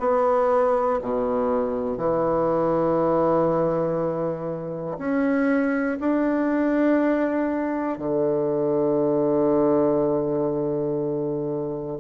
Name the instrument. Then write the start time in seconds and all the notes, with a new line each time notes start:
bassoon
0.00 B3
1.02 B2
1.98 E3
4.98 C#4
6.00 D4
7.99 D3